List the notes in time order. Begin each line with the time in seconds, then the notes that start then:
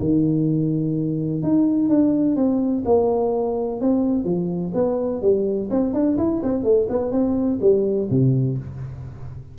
0.00 D#3
1.43 D#4
1.89 D4
2.36 C4
2.85 A#3
3.81 C4
4.25 F3
4.74 B3
5.22 G3
5.70 C4
5.94 D4
6.18 E4
6.43 C4
6.64 A3
6.89 B3
7.12 C4
7.61 G3
8.11 C3